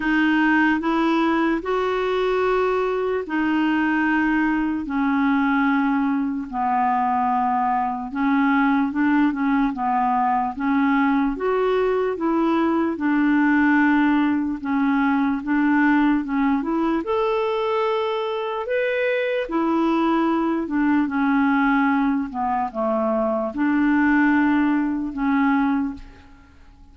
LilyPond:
\new Staff \with { instrumentName = "clarinet" } { \time 4/4 \tempo 4 = 74 dis'4 e'4 fis'2 | dis'2 cis'2 | b2 cis'4 d'8 cis'8 | b4 cis'4 fis'4 e'4 |
d'2 cis'4 d'4 | cis'8 e'8 a'2 b'4 | e'4. d'8 cis'4. b8 | a4 d'2 cis'4 | }